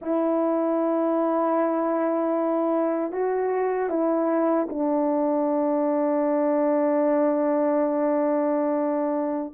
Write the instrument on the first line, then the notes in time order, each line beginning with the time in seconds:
horn
0.01 E4
3.12 F#4
3.89 E4
4.69 D4